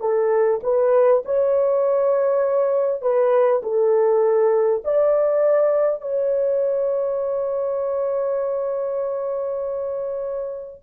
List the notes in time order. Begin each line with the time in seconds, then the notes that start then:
0.00 A4
0.63 B4
1.25 C#5
3.01 B4
3.62 A4
4.84 D5
6.01 C#5